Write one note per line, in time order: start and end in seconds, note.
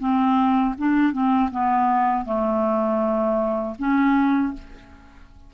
0.00 0.75 C4
0.78 1.13 D4
1.13 1.50 C4
1.51 2.25 B3
2.25 3.75 A3
3.79 4.54 C#4